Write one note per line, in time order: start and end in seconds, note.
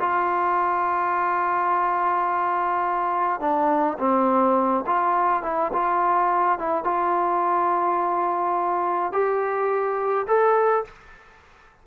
0.00 3.41 F4
3.41 3.98 D4
3.99 4.85 C4
4.87 5.43 F4
5.43 5.72 E4
5.74 6.59 F4
6.59 6.84 E4
6.84 9.13 F4
9.13 10.27 G4
10.28 10.85 A4